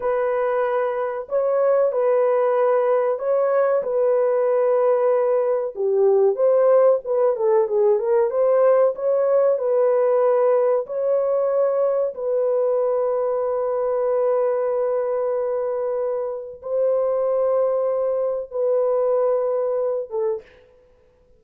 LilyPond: \new Staff \with { instrumentName = "horn" } { \time 4/4 \tempo 4 = 94 b'2 cis''4 b'4~ | b'4 cis''4 b'2~ | b'4 g'4 c''4 b'8 a'8 | gis'8 ais'8 c''4 cis''4 b'4~ |
b'4 cis''2 b'4~ | b'1~ | b'2 c''2~ | c''4 b'2~ b'8 a'8 | }